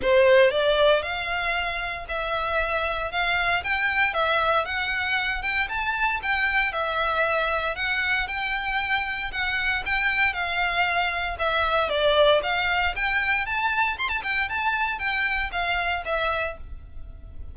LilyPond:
\new Staff \with { instrumentName = "violin" } { \time 4/4 \tempo 4 = 116 c''4 d''4 f''2 | e''2 f''4 g''4 | e''4 fis''4. g''8 a''4 | g''4 e''2 fis''4 |
g''2 fis''4 g''4 | f''2 e''4 d''4 | f''4 g''4 a''4 c'''16 a''16 g''8 | a''4 g''4 f''4 e''4 | }